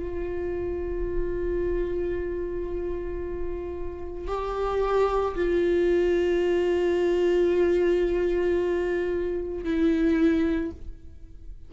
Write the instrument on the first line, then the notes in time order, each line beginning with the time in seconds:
viola
0.00 F4
4.28 G4
5.36 F4
9.64 E4